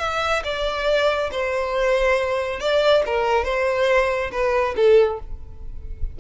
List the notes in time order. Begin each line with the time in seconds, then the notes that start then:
0.00 E5
0.44 D5
1.32 C5
2.60 D5
3.06 A#4
3.45 C5
4.32 B4
4.77 A4